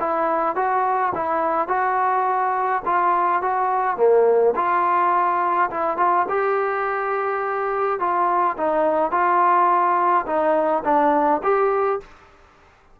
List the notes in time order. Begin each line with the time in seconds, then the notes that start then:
0.00 E4
0.56 F#4
1.15 E4
1.68 F#4
2.85 F4
3.42 F#4
3.97 A#3
4.56 F4
5.70 E4
5.97 F4
6.29 G4
7.99 F4
8.57 D#4
9.11 F4
10.26 D#4
10.84 D4
11.43 G4